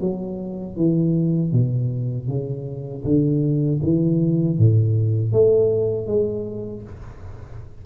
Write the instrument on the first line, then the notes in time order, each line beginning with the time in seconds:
tuba
0.00 F#3
0.76 E3
1.52 B2
2.28 C#3
3.04 D3
3.82 E3
4.58 A2
5.32 A3
6.07 G#3